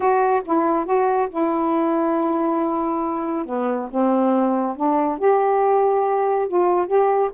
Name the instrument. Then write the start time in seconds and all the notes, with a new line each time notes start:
saxophone
0.00 F#4
0.45 E4
0.85 F#4
1.29 E4
3.45 B3
3.90 C4
4.76 D4
5.18 G4
6.48 F4
6.86 G4